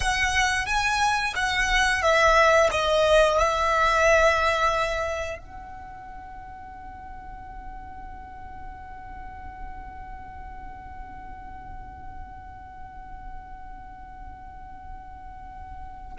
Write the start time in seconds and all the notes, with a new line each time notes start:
0.00 F#5
0.66 G#5
1.35 F#5
2.02 E5
2.71 D#5
3.38 E5
5.38 F#5